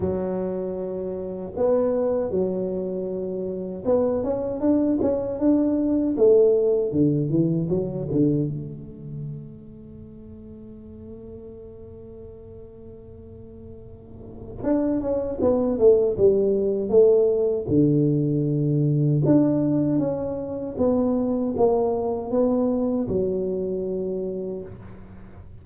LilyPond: \new Staff \with { instrumentName = "tuba" } { \time 4/4 \tempo 4 = 78 fis2 b4 fis4~ | fis4 b8 cis'8 d'8 cis'8 d'4 | a4 d8 e8 fis8 d8 a4~ | a1~ |
a2. d'8 cis'8 | b8 a8 g4 a4 d4~ | d4 d'4 cis'4 b4 | ais4 b4 fis2 | }